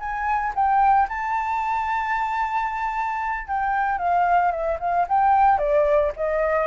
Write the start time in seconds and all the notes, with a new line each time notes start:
0.00 G#5
0.55 G5
1.09 A5
3.47 G5
3.98 F5
4.52 E5
4.80 F5
5.08 G5
5.58 D5
6.16 D#5